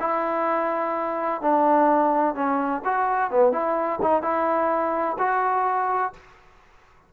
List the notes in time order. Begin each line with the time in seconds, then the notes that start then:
0.00 E4
1.42 D4
2.35 C#4
2.85 F#4
3.31 B3
3.52 E4
4.02 D#4
4.22 E4
5.19 F#4